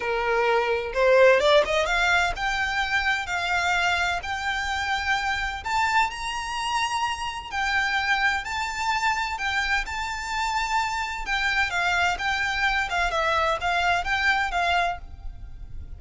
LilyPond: \new Staff \with { instrumentName = "violin" } { \time 4/4 \tempo 4 = 128 ais'2 c''4 d''8 dis''8 | f''4 g''2 f''4~ | f''4 g''2. | a''4 ais''2. |
g''2 a''2 | g''4 a''2. | g''4 f''4 g''4. f''8 | e''4 f''4 g''4 f''4 | }